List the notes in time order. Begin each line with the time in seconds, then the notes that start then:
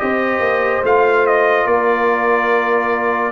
0.00 C4 G4 C5 D#5
0.40 A#3
0.84 A3 F4 F5
1.27 D#5
1.66 A#3 A#4 D5